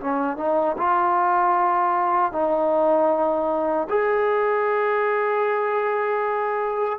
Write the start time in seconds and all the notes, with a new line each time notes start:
0.00 C#4
0.37 D#4
0.77 F4
2.32 D#4
3.89 G#4